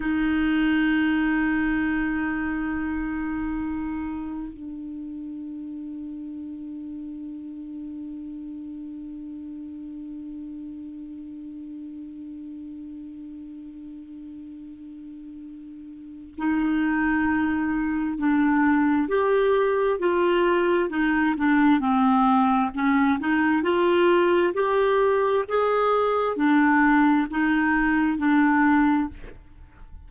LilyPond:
\new Staff \with { instrumentName = "clarinet" } { \time 4/4 \tempo 4 = 66 dis'1~ | dis'4 d'2.~ | d'1~ | d'1~ |
d'2 dis'2 | d'4 g'4 f'4 dis'8 d'8 | c'4 cis'8 dis'8 f'4 g'4 | gis'4 d'4 dis'4 d'4 | }